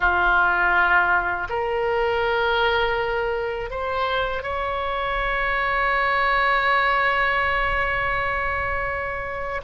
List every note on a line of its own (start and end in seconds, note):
0.00 1.47 F4
1.49 3.70 A#4
3.70 4.42 C5
4.42 9.61 C#5